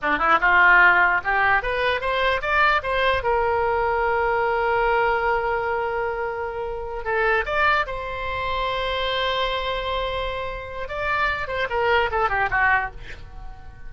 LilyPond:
\new Staff \with { instrumentName = "oboe" } { \time 4/4 \tempo 4 = 149 d'8 e'8 f'2 g'4 | b'4 c''4 d''4 c''4 | ais'1~ | ais'1~ |
ais'4. a'4 d''4 c''8~ | c''1~ | c''2. d''4~ | d''8 c''8 ais'4 a'8 g'8 fis'4 | }